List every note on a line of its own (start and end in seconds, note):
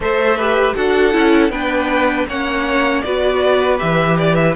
0.00 0.73 A3
0.00 0.38 A4
0.00 0.36 C5
0.00 0.75 E5
0.36 0.75 G4
0.36 0.74 B4
0.75 1.14 D4
0.75 1.12 F#4
0.75 1.51 A4
0.75 1.50 F#5
1.12 1.49 C#4
1.12 1.50 E4
1.49 2.25 B3
1.49 2.28 D4
1.49 2.27 B4
1.49 2.26 G5
2.27 3.03 A#3
2.27 3.04 C#4
2.27 3.04 C#5
2.27 3.01 F#5
3.01 3.80 B3
3.01 3.77 F#4
3.01 4.56 B4
3.01 3.77 D5
3.77 4.56 E3
3.77 4.53 G4
3.77 4.17 E5
4.18 4.35 D5
4.35 4.54 E5